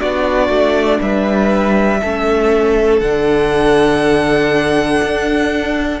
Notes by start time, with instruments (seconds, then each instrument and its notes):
0.00 cello B3, viola D4, violin F#4 D5
0.49 cello A3
1.01 cello G3, violin B4 E5
2.00 cello A3, viola C#4, violin A4
2.99 cello D3, viola D4, violin F#5
5.02 cello D4